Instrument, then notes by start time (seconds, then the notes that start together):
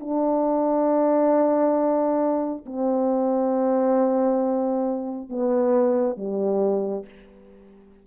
horn
0.00 D4
2.66 C4
5.29 B3
6.17 G3